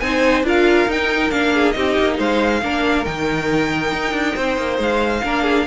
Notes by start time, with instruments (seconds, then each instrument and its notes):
0.00 cello C4, viola D#4, violin C5 G#5
0.43 cello D4, viola F4, violin A#4 F5
0.88 cello D#4, viola D#4, violin G5
1.31 cello A#3, viola D4, violin F5
1.54 violin G#4
1.72 cello C4, viola D#4, violin G4 D#5
1.99 cello A#3
2.18 cello G#3, violin C5 F5
2.62 cello A#3, viola D4, violin A#4
3.05 cello D#3, viola D#4, violin G5
3.93 cello D#4
4.13 cello D4
4.36 cello C4, violin C5
4.58 cello A#3
4.79 cello G#3, violin F5
5.23 cello A#3, viola D4, violin A#4
5.43 violin G#4